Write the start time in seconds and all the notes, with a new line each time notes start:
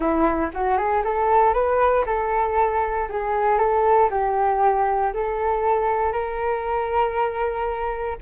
0.00 E4
0.53 F#4
0.77 G#4
1.04 A4
1.53 B4
2.06 A4
3.09 G#4
3.58 A4
4.10 G4
5.13 A4
6.12 A#4